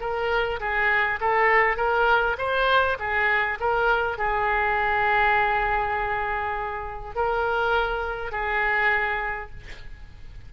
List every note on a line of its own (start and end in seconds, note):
0.00 0.59 A#4
0.60 1.19 G#4
1.20 1.77 A4
1.77 2.36 A#4
2.38 2.97 C5
2.99 3.59 G#4
3.60 4.18 A#4
4.18 7.15 G#4
7.15 8.32 A#4
8.32 9.50 G#4